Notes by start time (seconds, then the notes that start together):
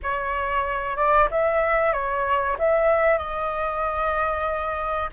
0.02 C#5
0.96 D5
1.30 E5
1.93 C#5
2.58 E5
3.18 D#5